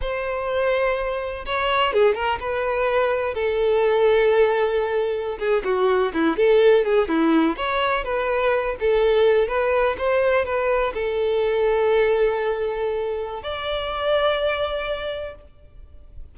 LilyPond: \new Staff \with { instrumentName = "violin" } { \time 4/4 \tempo 4 = 125 c''2. cis''4 | gis'8 ais'8 b'2 a'4~ | a'2.~ a'16 gis'8 fis'16~ | fis'8. e'8 a'4 gis'8 e'4 cis''16~ |
cis''8. b'4. a'4. b'16~ | b'8. c''4 b'4 a'4~ a'16~ | a'1 | d''1 | }